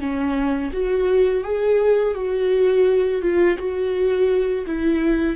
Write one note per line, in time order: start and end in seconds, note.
0.00 0.71 C#4
0.72 1.44 F#4
1.44 2.14 G#4
2.14 3.21 F#4
3.21 3.57 F4
3.58 4.65 F#4
4.66 5.36 E4